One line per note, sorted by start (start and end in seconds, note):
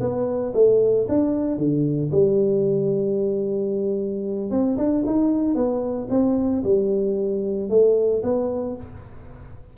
0.00 0.53 B3
0.54 1.07 A3
1.08 1.57 D4
1.57 2.10 D3
2.11 4.50 G3
4.50 4.77 C4
4.77 5.04 D4
5.06 5.55 D#4
5.55 6.08 B3
6.10 6.63 C4
6.63 7.69 G3
7.69 8.22 A3
8.23 8.76 B3